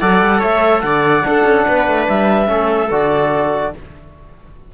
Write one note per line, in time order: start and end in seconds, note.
0.00 0.21 F#3
0.00 1.23 A4
0.00 0.38 D5
0.00 0.42 F#5
0.21 0.42 G3
0.38 0.83 A3
0.38 0.80 C#5
0.38 0.80 E5
0.80 1.24 D3
0.80 1.26 D5
0.80 2.04 F#5
1.23 2.46 D4
1.23 1.44 D4
1.23 1.67 A4
1.44 1.64 C#4
1.67 1.87 B3
1.67 2.49 B4
1.87 2.08 A3
2.08 2.48 G3
2.08 2.91 E5
2.46 2.89 A3
2.46 2.87 C#4
2.46 3.74 A4
2.91 3.73 D3
2.91 3.74 F#4
2.91 3.74 D5